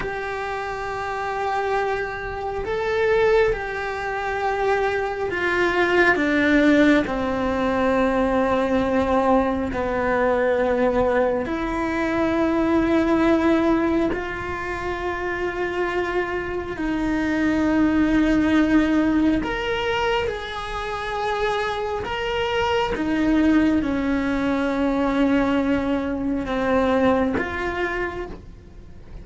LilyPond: \new Staff \with { instrumentName = "cello" } { \time 4/4 \tempo 4 = 68 g'2. a'4 | g'2 f'4 d'4 | c'2. b4~ | b4 e'2. |
f'2. dis'4~ | dis'2 ais'4 gis'4~ | gis'4 ais'4 dis'4 cis'4~ | cis'2 c'4 f'4 | }